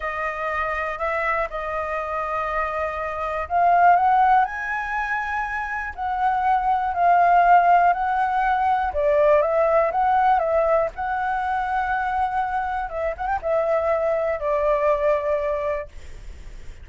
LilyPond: \new Staff \with { instrumentName = "flute" } { \time 4/4 \tempo 4 = 121 dis''2 e''4 dis''4~ | dis''2. f''4 | fis''4 gis''2. | fis''2 f''2 |
fis''2 d''4 e''4 | fis''4 e''4 fis''2~ | fis''2 e''8 fis''16 g''16 e''4~ | e''4 d''2. | }